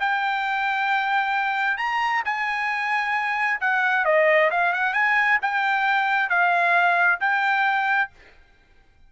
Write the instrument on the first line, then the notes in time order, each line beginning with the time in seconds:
trumpet
0.00 G5
1.78 A#5
2.25 G#5
3.61 F#5
4.05 D#5
4.51 F5
4.73 F#5
4.93 G#5
5.42 G5
6.29 F5
7.20 G5